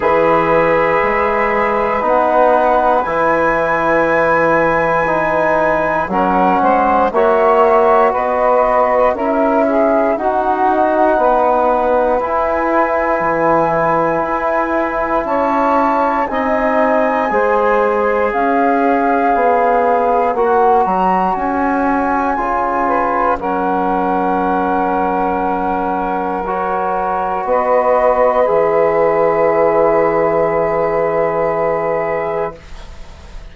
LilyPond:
<<
  \new Staff \with { instrumentName = "flute" } { \time 4/4 \tempo 4 = 59 e''2 fis''4 gis''4~ | gis''2 fis''4 e''4 | dis''4 e''4 fis''2 | gis''2. a''4 |
gis''2 f''2 | fis''8 ais''8 gis''2 fis''4~ | fis''2 cis''4 dis''4 | e''1 | }
  \new Staff \with { instrumentName = "saxophone" } { \time 4/4 b'1~ | b'2 ais'8 c''8 cis''4 | b'4 ais'8 gis'8 fis'4 b'4~ | b'2. cis''4 |
dis''4 c''4 cis''2~ | cis''2~ cis''8 b'8 ais'4~ | ais'2. b'4~ | b'1 | }
  \new Staff \with { instrumentName = "trombone" } { \time 4/4 gis'2 dis'4 e'4~ | e'4 dis'4 cis'4 fis'4~ | fis'4 e'4 dis'2 | e'1 |
dis'4 gis'2. | fis'2 f'4 cis'4~ | cis'2 fis'2 | gis'1 | }
  \new Staff \with { instrumentName = "bassoon" } { \time 4/4 e4 gis4 b4 e4~ | e2 fis8 gis8 ais4 | b4 cis'4 dis'4 b4 | e'4 e4 e'4 cis'4 |
c'4 gis4 cis'4 b4 | ais8 fis8 cis'4 cis4 fis4~ | fis2. b4 | e1 | }
>>